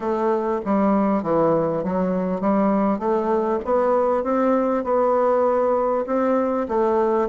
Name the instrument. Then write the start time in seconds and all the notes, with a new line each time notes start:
bassoon
0.00 A3
0.65 G3
1.23 E3
1.83 F#3
2.40 G3
2.98 A3
3.64 B3
4.23 C4
4.84 B3
6.06 C4
6.68 A3